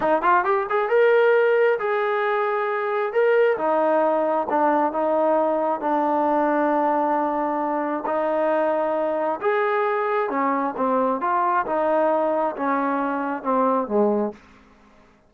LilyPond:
\new Staff \with { instrumentName = "trombone" } { \time 4/4 \tempo 4 = 134 dis'8 f'8 g'8 gis'8 ais'2 | gis'2. ais'4 | dis'2 d'4 dis'4~ | dis'4 d'2.~ |
d'2 dis'2~ | dis'4 gis'2 cis'4 | c'4 f'4 dis'2 | cis'2 c'4 gis4 | }